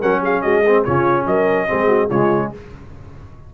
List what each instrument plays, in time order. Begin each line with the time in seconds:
0.00 tuba F#3, trombone C#4, horn A#4, trumpet F#5
0.21 horn G#4, trumpet F5
0.42 tuba G#3, horn F#4, trumpet D#5
0.64 trombone C4, horn G#4
0.84 tuba C#3, trombone C#4, horn F4, trumpet C#5
1.26 tuba F#3, horn A#4, trumpet D#5
1.67 tuba G#3, trombone C4, horn G#4
1.87 horn F#4
2.09 tuba C#3, trombone G#3, horn F4, trumpet C#5